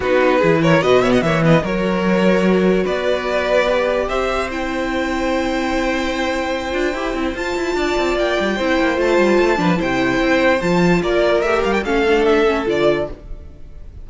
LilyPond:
<<
  \new Staff \with { instrumentName = "violin" } { \time 4/4 \tempo 4 = 147 b'4. cis''8 dis''8 e''16 fis''16 e''8 dis''8 | cis''2. d''4~ | d''2 e''4 g''4~ | g''1~ |
g''2 a''2 | g''2 a''2 | g''2 a''4 d''4 | e''8 f''16 g''16 f''4 e''4 d''4 | }
  \new Staff \with { instrumentName = "violin" } { \time 4/4 fis'4 gis'8 ais'8 b'8 cis''16 dis''16 cis''8 b'8 | ais'2. b'4~ | b'2 c''2~ | c''1~ |
c''2. d''4~ | d''4 c''2~ c''8 b'8 | c''2. ais'4~ | ais'4 a'2. | }
  \new Staff \with { instrumentName = "viola" } { \time 4/4 dis'4 e'4 fis'8 b8 ais8 b8 | fis'1~ | fis'4 g'2 e'4~ | e'1~ |
e'8 f'8 g'8 e'8 f'2~ | f'4 e'4 f'4. d'8 | e'2 f'2 | g'4 cis'8 d'4 cis'8 f'4 | }
  \new Staff \with { instrumentName = "cello" } { \time 4/4 b4 e4 b,4 e4 | fis2. b4~ | b2 c'2~ | c'1~ |
c'8 d'8 e'8 c'8 f'8 e'8 d'8 c'8 | ais8 g8 c'8 ais8 a8 g8 a8 f8 | c4 c'4 f4 ais4 | a8 g8 a2 d4 | }
>>